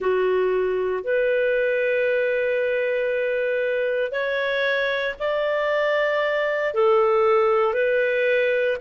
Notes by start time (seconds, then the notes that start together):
0.00 F#4
1.03 B4
4.11 C#5
5.19 D5
6.73 A4
7.73 B4